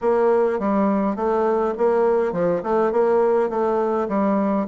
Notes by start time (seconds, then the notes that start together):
0.01 A#3
0.59 G3
1.15 A3
1.77 A#3
2.32 F3
2.63 A3
2.92 A#3
3.49 A3
4.08 G3